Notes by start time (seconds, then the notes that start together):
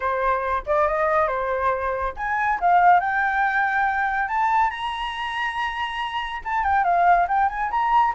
0.00 C5
0.66 D5
0.87 D#5
1.27 C5
2.16 G#5
2.60 F5
2.99 G5
4.28 A5
4.70 A#5
6.44 A5
6.63 G5
6.84 F5
7.28 G5
7.49 G#5
7.70 A#5